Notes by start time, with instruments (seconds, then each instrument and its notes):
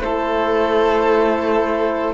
0.00 cello A3, horn E4, violin A4, flute C5